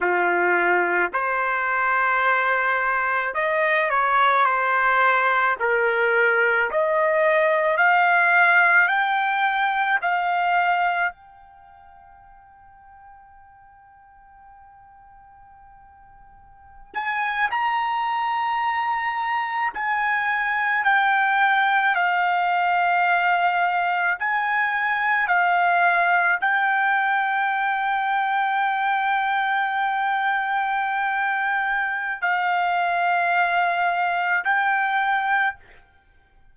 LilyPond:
\new Staff \with { instrumentName = "trumpet" } { \time 4/4 \tempo 4 = 54 f'4 c''2 dis''8 cis''8 | c''4 ais'4 dis''4 f''4 | g''4 f''4 g''2~ | g''2.~ g''16 gis''8 ais''16~ |
ais''4.~ ais''16 gis''4 g''4 f''16~ | f''4.~ f''16 gis''4 f''4 g''16~ | g''1~ | g''4 f''2 g''4 | }